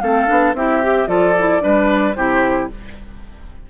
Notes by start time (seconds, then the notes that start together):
0.00 A3 C4 A4 F5
0.26 B3 D4
0.54 C4 E4 G4 E5
0.82 G4
1.07 F3 F4 A4 D5
1.38 E4
1.60 G3 D4 B4
2.14 C3 E4 G4 C5